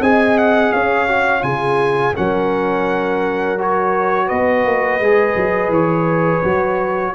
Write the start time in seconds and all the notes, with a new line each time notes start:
0.00 C4 G#4 D#5 G#5
0.38 F#5
0.72 C#4 C#5 F5
1.09 F#4
1.42 C#3 F4 G#4 G#5
2.15 F#3 C#4 A#4 F#5
3.58 F#4 C#5
4.26 B3 B4 D#5
4.65 A#3
5.00 G#3 G#4
5.36 F#3
5.69 E3 C#5
6.44 F#3 F#4